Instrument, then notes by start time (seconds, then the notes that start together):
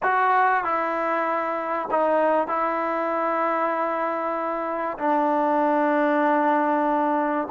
trombone
0.02 F#4
0.63 E4
1.90 D#4
2.47 E4
4.98 D4